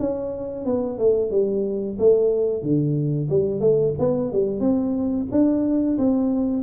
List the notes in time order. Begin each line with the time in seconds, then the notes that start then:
0.00 C#4
0.66 B3
0.99 A3
1.31 G3
1.99 A3
2.62 D3
3.30 G3
3.61 A3
3.99 B3
4.32 G3
4.60 C4
5.31 D4
5.98 C4